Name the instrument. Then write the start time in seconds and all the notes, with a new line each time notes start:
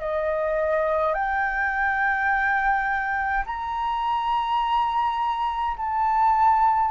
flute
0.00 D#5
1.14 G5
3.46 A#5
5.77 A5